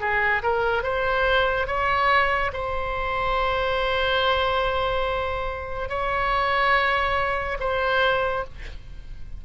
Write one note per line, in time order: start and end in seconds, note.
0.00 0.42 G#4
0.43 0.83 A#4
0.83 1.67 C5
1.67 2.52 C#5
2.53 5.89 C5
5.89 7.58 C#5
7.60 8.44 C5